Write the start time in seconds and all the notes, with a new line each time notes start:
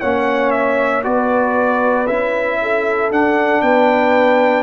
0.00 A#3 C#4 C#5 F#5
0.51 E5
1.03 B3 F#4 B4 D5
2.08 C#4 E4 E5
2.62 A4
3.11 D4 F#5
3.62 B3 B4 G5